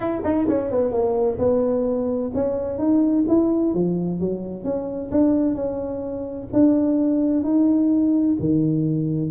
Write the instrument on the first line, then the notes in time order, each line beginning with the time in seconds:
tuba
0.00 E4
0.24 D#4
0.48 C#4
0.70 B3
0.91 A#3
1.38 B3
2.34 C#4
2.78 D#4
3.27 E4
3.74 F3
4.20 F#3
4.64 C#4
5.11 D4
5.54 C#4
6.52 D4
7.43 D#4
8.39 D#3